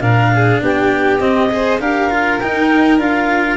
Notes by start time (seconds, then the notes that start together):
0.00 A#2 D4 A#4 F5
0.35 G#4
0.62 B3 G4 G5
1.19 C4 D#5
1.50 G#4 C5
1.79 D4 G4 A#4 F5
2.10 F4
2.39 D#4 G5
2.97 D4 F4 F5